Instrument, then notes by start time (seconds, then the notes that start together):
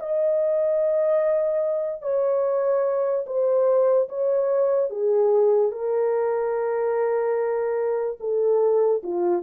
horn
0.00 D#5
2.02 C#5
3.27 C5
4.09 C#5
4.91 G#4
5.72 A#4
8.20 A4
9.04 F4